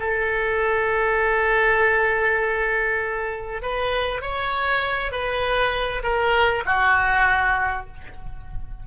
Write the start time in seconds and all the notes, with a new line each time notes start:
0.00 A4
3.62 B4
4.22 C#5
5.12 B4
6.04 A#4
6.66 F#4